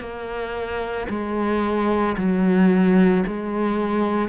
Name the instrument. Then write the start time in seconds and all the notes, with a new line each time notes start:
cello
0.00 A#3
1.09 G#3
2.17 F#3
3.27 G#3